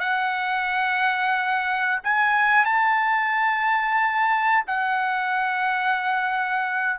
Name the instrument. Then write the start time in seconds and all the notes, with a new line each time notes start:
trumpet
0.00 F#5
2.04 G#5
2.65 A5
4.67 F#5